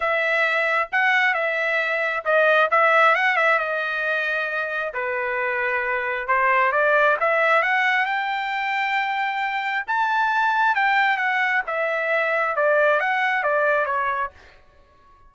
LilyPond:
\new Staff \with { instrumentName = "trumpet" } { \time 4/4 \tempo 4 = 134 e''2 fis''4 e''4~ | e''4 dis''4 e''4 fis''8 e''8 | dis''2. b'4~ | b'2 c''4 d''4 |
e''4 fis''4 g''2~ | g''2 a''2 | g''4 fis''4 e''2 | d''4 fis''4 d''4 cis''4 | }